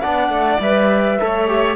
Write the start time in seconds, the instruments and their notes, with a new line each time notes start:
0.00 cello B3, trombone D4, violin D5, flute F#5
0.29 cello A3
0.60 cello G3, trombone B4, flute E5
1.20 cello A3, trombone A4, violin C#5
1.48 trombone G4